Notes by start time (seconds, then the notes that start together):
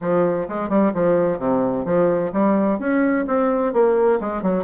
0.01 F3
0.48 G#3
0.69 G3
0.94 F3
1.38 C3
1.85 F3
2.32 G3
2.79 C#4
3.27 C4
3.73 A#3
4.20 G#3
4.42 F#3